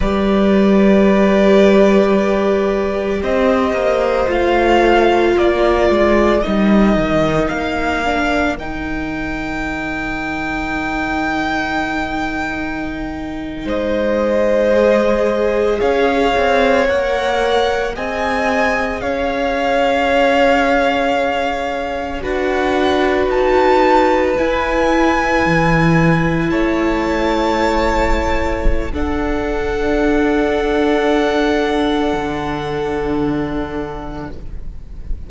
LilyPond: <<
  \new Staff \with { instrumentName = "violin" } { \time 4/4 \tempo 4 = 56 d''2. dis''4 | f''4 d''4 dis''4 f''4 | g''1~ | g''8. dis''2 f''4 fis''16~ |
fis''8. gis''4 f''2~ f''16~ | f''8. fis''4 a''4 gis''4~ gis''16~ | gis''8. a''2~ a''16 fis''4~ | fis''1 | }
  \new Staff \with { instrumentName = "violin" } { \time 4/4 b'2. c''4~ | c''4 ais'2.~ | ais'1~ | ais'8. c''2 cis''4~ cis''16~ |
cis''8. dis''4 cis''2~ cis''16~ | cis''8. b'2.~ b'16~ | b'8. cis''2~ cis''16 a'4~ | a'1 | }
  \new Staff \with { instrumentName = "viola" } { \time 4/4 g'1 | f'2 dis'4. d'8 | dis'1~ | dis'4.~ dis'16 gis'2 ais'16~ |
ais'8. gis'2.~ gis'16~ | gis'8. fis'2 e'4~ e'16~ | e'2. d'4~ | d'1 | }
  \new Staff \with { instrumentName = "cello" } { \time 4/4 g2. c'8 ais8 | a4 ais8 gis8 g8 dis8 ais4 | dis1~ | dis8. gis2 cis'8 c'8 ais16~ |
ais8. c'4 cis'2~ cis'16~ | cis'8. d'4 dis'4 e'4 e16~ | e8. a2~ a16 d'4~ | d'2 d2 | }
>>